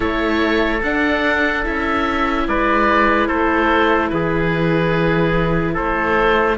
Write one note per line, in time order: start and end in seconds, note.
0.00 0.81 A3
0.00 0.81 E4
0.00 2.45 A4
0.00 0.82 C#5
0.82 1.64 D4
0.82 1.63 D4
0.82 1.65 F#5
1.63 2.47 C#4
1.63 6.57 E4
1.63 2.47 E5
2.47 3.28 G#3
2.47 3.27 B4
2.47 3.27 D5
3.27 4.11 A3
3.27 4.10 A4
3.27 4.09 C5
4.09 5.76 E3
4.09 5.73 G#4
4.09 5.74 B4
5.73 6.58 A3
5.73 6.56 A4
5.73 6.58 C5